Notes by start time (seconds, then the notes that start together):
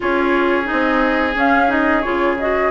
0.00 C#4 F4 G#4 C#5
0.64 D#4 D#5
0.71 C4
1.35 C#4 F5
1.68 D#4 D#5
2.01 C#3 F4 C#5
2.39 F#4 D#5